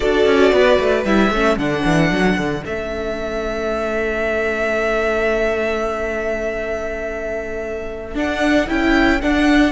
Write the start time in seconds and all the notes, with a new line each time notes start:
0.00 D4 F#4 A4 D5
0.26 C#4
0.52 B3 B4
0.79 A3
1.04 G3 E4 E5
1.30 A3 C#4 A4
1.57 D3 D4 F#5
1.84 E3
2.10 F#3
2.37 D3
2.62 A3 C#4 E5
8.14 D4 F#5
8.67 C#4 E4 G5
9.21 D4 F#5